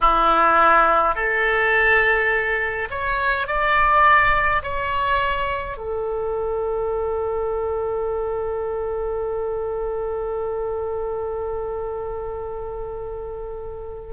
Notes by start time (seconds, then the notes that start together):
0.00 E4
1.15 A4
2.90 C#5
3.47 D5
4.63 C#5
5.77 A4